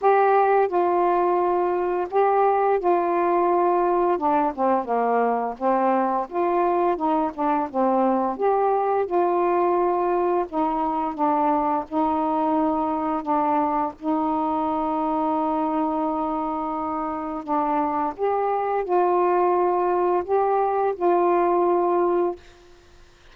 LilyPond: \new Staff \with { instrumentName = "saxophone" } { \time 4/4 \tempo 4 = 86 g'4 f'2 g'4 | f'2 d'8 c'8 ais4 | c'4 f'4 dis'8 d'8 c'4 | g'4 f'2 dis'4 |
d'4 dis'2 d'4 | dis'1~ | dis'4 d'4 g'4 f'4~ | f'4 g'4 f'2 | }